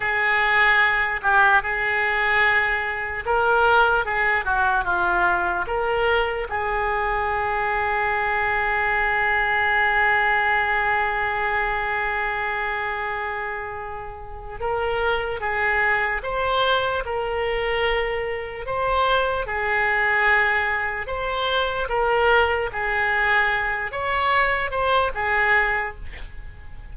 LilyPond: \new Staff \with { instrumentName = "oboe" } { \time 4/4 \tempo 4 = 74 gis'4. g'8 gis'2 | ais'4 gis'8 fis'8 f'4 ais'4 | gis'1~ | gis'1~ |
gis'2 ais'4 gis'4 | c''4 ais'2 c''4 | gis'2 c''4 ais'4 | gis'4. cis''4 c''8 gis'4 | }